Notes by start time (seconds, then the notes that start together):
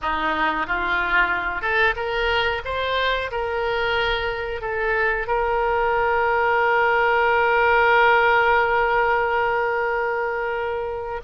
0.01 D#4
0.66 F4
1.61 A4
1.95 A#4
2.65 C5
3.31 A#4
4.61 A4
5.27 A#4